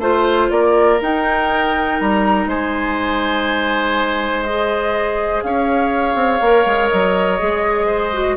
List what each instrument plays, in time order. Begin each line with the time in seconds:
0.00 bassoon A3, clarinet F4, oboe C5, flute C5
0.51 bassoon A#3, oboe A#4, flute D5
1.02 bassoon D#4, clarinet D#4, flute G5
2.00 bassoon G3, flute A#5
2.47 bassoon G#3, oboe C5, flute G#5
4.44 clarinet G#4, flute D#5
5.43 bassoon C#4, oboe C#5, flute F5
6.15 bassoon C4
6.41 bassoon A#3, clarinet A#4
6.66 bassoon G#3
6.89 bassoon F#3, flute D#5
7.40 bassoon G#3, clarinet G#4
7.87 oboe C5
8.14 clarinet F#4